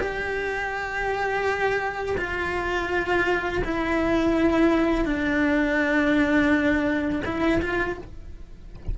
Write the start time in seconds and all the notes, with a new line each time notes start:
0.00 G4
2.18 F4
3.65 E4
5.06 D4
7.26 E4
7.62 F4